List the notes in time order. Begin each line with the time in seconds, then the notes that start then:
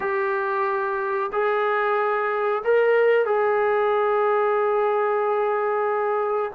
0.00 G4
1.32 G#4
2.64 A#4
3.25 G#4